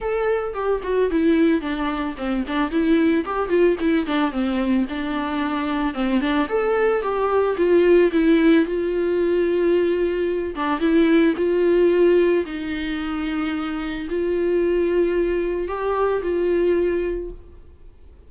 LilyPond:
\new Staff \with { instrumentName = "viola" } { \time 4/4 \tempo 4 = 111 a'4 g'8 fis'8 e'4 d'4 | c'8 d'8 e'4 g'8 f'8 e'8 d'8 | c'4 d'2 c'8 d'8 | a'4 g'4 f'4 e'4 |
f'2.~ f'8 d'8 | e'4 f'2 dis'4~ | dis'2 f'2~ | f'4 g'4 f'2 | }